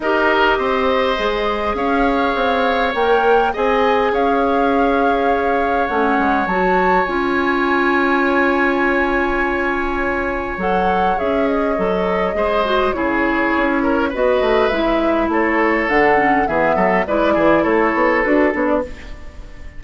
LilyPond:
<<
  \new Staff \with { instrumentName = "flute" } { \time 4/4 \tempo 4 = 102 dis''2. f''4~ | f''4 g''4 gis''4 f''4~ | f''2 fis''4 a''4 | gis''1~ |
gis''2 fis''4 e''8 dis''8~ | dis''2 cis''2 | dis''4 e''4 cis''4 fis''4 | e''4 d''4 cis''4 b'8 cis''16 d''16 | }
  \new Staff \with { instrumentName = "oboe" } { \time 4/4 ais'4 c''2 cis''4~ | cis''2 dis''4 cis''4~ | cis''1~ | cis''1~ |
cis''1~ | cis''4 c''4 gis'4. ais'8 | b'2 a'2 | gis'8 a'8 b'8 gis'8 a'2 | }
  \new Staff \with { instrumentName = "clarinet" } { \time 4/4 g'2 gis'2~ | gis'4 ais'4 gis'2~ | gis'2 cis'4 fis'4 | f'1~ |
f'2 a'4 gis'4 | a'4 gis'8 fis'8 e'2 | fis'4 e'2 d'8 cis'8 | b4 e'2 fis'8 d'8 | }
  \new Staff \with { instrumentName = "bassoon" } { \time 4/4 dis'4 c'4 gis4 cis'4 | c'4 ais4 c'4 cis'4~ | cis'2 a8 gis8 fis4 | cis'1~ |
cis'2 fis4 cis'4 | fis4 gis4 cis4 cis'4 | b8 a8 gis4 a4 d4 | e8 fis8 gis8 e8 a8 b8 d'8 b8 | }
>>